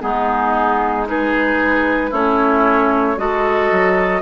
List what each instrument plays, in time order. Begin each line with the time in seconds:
0.00 bassoon G#3, clarinet B3, oboe D#4, flute G#4
1.05 clarinet D#4, oboe G#4, flute B4
2.10 bassoon A3, clarinet C#4, oboe E4, flute C#5
3.17 bassoon G#3, clarinet F#4, oboe A4, flute D#5
3.71 bassoon F#3